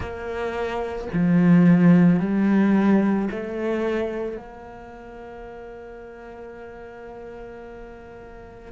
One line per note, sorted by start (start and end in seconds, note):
0.00 1.07 A#3
1.13 2.19 F3
2.19 3.28 G3
3.30 4.36 A3
4.36 8.72 A#3